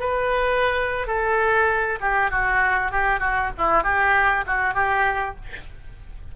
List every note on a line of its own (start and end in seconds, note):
0.00 1.07 B4
1.07 1.99 A4
2.00 2.30 G4
2.30 2.92 F#4
2.92 3.20 G4
3.20 3.50 F#4
3.58 3.83 E4
3.83 4.45 G4
4.47 4.74 F#4
4.74 5.35 G4